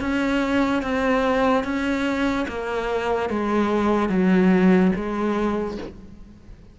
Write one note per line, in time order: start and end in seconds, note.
0.00 0.82 C#4
0.82 1.63 C4
1.63 2.45 C#4
2.48 3.29 A#3
3.29 4.09 G#3
4.09 4.91 F#3
4.95 5.77 G#3